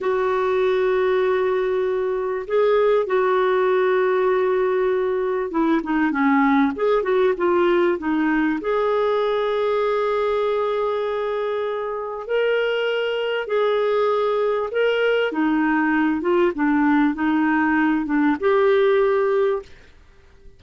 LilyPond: \new Staff \with { instrumentName = "clarinet" } { \time 4/4 \tempo 4 = 98 fis'1 | gis'4 fis'2.~ | fis'4 e'8 dis'8 cis'4 gis'8 fis'8 | f'4 dis'4 gis'2~ |
gis'1 | ais'2 gis'2 | ais'4 dis'4. f'8 d'4 | dis'4. d'8 g'2 | }